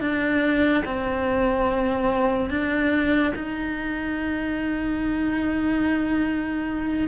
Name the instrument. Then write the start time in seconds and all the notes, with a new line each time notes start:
cello
0.00 D4
0.85 C4
2.50 D4
3.35 D#4